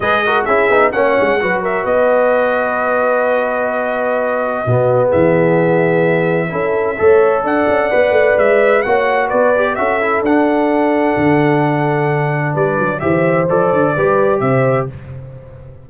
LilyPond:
<<
  \new Staff \with { instrumentName = "trumpet" } { \time 4/4 \tempo 4 = 129 dis''4 e''4 fis''4. e''8 | dis''1~ | dis''2. e''4~ | e''1 |
fis''2 e''4 fis''4 | d''4 e''4 fis''2~ | fis''2. d''4 | e''4 d''2 e''4 | }
  \new Staff \with { instrumentName = "horn" } { \time 4/4 b'8 ais'8 gis'4 cis''4 b'8 ais'8 | b'1~ | b'2 fis'4 gis'4~ | gis'2 a'4 cis''4 |
d''2. cis''4 | b'4 a'2.~ | a'2. b'4 | c''2 b'4 c''4 | }
  \new Staff \with { instrumentName = "trombone" } { \time 4/4 gis'8 fis'8 e'8 dis'8 cis'4 fis'4~ | fis'1~ | fis'2 b2~ | b2 e'4 a'4~ |
a'4 b'2 fis'4~ | fis'8 g'8 fis'8 e'8 d'2~ | d'1 | g'4 a'4 g'2 | }
  \new Staff \with { instrumentName = "tuba" } { \time 4/4 gis4 cis'8 b8 ais8 gis8 fis4 | b1~ | b2 b,4 e4~ | e2 cis'4 a4 |
d'8 cis'8 b8 a8 gis4 ais4 | b4 cis'4 d'2 | d2. g8 fis8 | e4 f8 d8 g4 c4 | }
>>